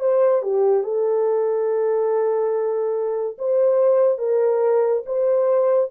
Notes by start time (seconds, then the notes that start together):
0.00 C5
0.42 G4
0.83 A4
3.38 C5
4.18 A#4
5.06 C5